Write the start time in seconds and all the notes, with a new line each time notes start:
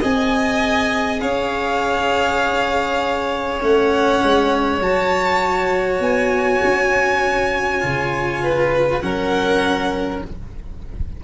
0.00 C4 G#4 D#5 G#5
1.20 C#4 C#5 F5
3.60 A3 C#4 F#5
4.23 G#3
4.80 F#3 F#4 A5
6.00 B3 G#5
6.64 C#4
7.81 C#3 F4
8.43 B4
9.01 F#3 C#4 A#4 F#5